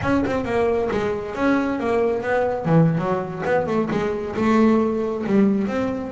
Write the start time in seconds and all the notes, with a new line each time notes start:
0.02 C#4
0.26 C4
0.44 A#3
0.91 G#3
1.35 C#4
1.79 A#3
2.22 B3
2.65 E3
2.98 F#3
3.45 B3
3.66 A3
3.91 G#3
4.36 A3
5.26 G3
5.67 C4